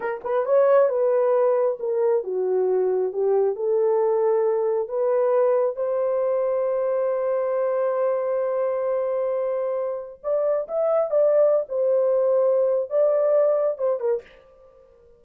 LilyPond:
\new Staff \with { instrumentName = "horn" } { \time 4/4 \tempo 4 = 135 ais'8 b'8 cis''4 b'2 | ais'4 fis'2 g'4 | a'2. b'4~ | b'4 c''2.~ |
c''1~ | c''2. d''4 | e''4 d''4~ d''16 c''4.~ c''16~ | c''4 d''2 c''8 ais'8 | }